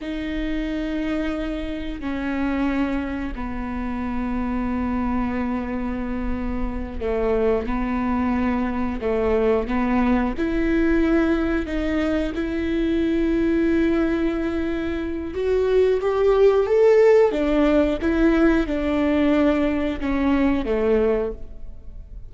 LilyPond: \new Staff \with { instrumentName = "viola" } { \time 4/4 \tempo 4 = 90 dis'2. cis'4~ | cis'4 b2.~ | b2~ b8 a4 b8~ | b4. a4 b4 e'8~ |
e'4. dis'4 e'4.~ | e'2. fis'4 | g'4 a'4 d'4 e'4 | d'2 cis'4 a4 | }